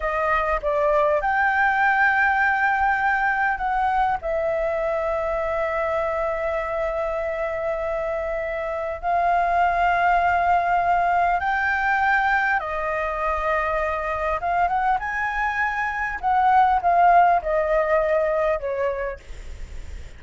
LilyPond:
\new Staff \with { instrumentName = "flute" } { \time 4/4 \tempo 4 = 100 dis''4 d''4 g''2~ | g''2 fis''4 e''4~ | e''1~ | e''2. f''4~ |
f''2. g''4~ | g''4 dis''2. | f''8 fis''8 gis''2 fis''4 | f''4 dis''2 cis''4 | }